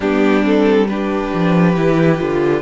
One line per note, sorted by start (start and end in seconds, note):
0.00 1.32 G3
0.00 0.43 B3
0.00 0.87 D4
0.00 0.45 G4
0.43 0.87 C4
0.43 0.87 A4
0.87 1.75 D4
0.87 2.62 G4
0.87 2.62 B4
1.33 1.76 F3
1.75 2.20 E3
1.75 2.18 E4
2.18 2.62 D3
2.18 2.62 F4